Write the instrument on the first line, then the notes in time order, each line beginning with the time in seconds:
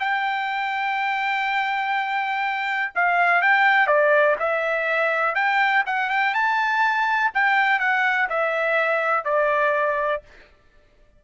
trumpet
0.00 G5
2.95 F5
3.42 G5
3.87 D5
4.40 E5
5.35 G5
5.87 F#5
6.10 G5
6.34 A5
7.34 G5
7.79 F#5
8.29 E5
9.25 D5